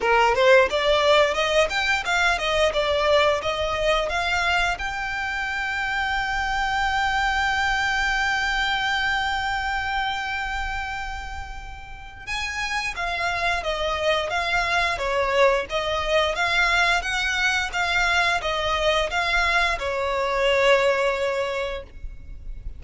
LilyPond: \new Staff \with { instrumentName = "violin" } { \time 4/4 \tempo 4 = 88 ais'8 c''8 d''4 dis''8 g''8 f''8 dis''8 | d''4 dis''4 f''4 g''4~ | g''1~ | g''1~ |
g''2 gis''4 f''4 | dis''4 f''4 cis''4 dis''4 | f''4 fis''4 f''4 dis''4 | f''4 cis''2. | }